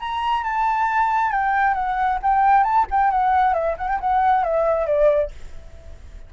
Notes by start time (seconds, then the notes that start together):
0.00 A#5
0.44 A5
1.32 G5
1.74 F#5
2.22 G5
2.64 A5
2.91 G5
3.11 F#5
3.54 E5
3.77 F#5
3.88 G5
4.00 F#5
4.43 E5
4.86 D5